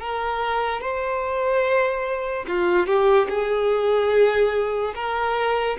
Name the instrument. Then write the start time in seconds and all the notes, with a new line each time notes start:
violin
0.00 A#4
0.81 C5
2.48 F4
2.86 G4
3.29 G#4
4.95 A#4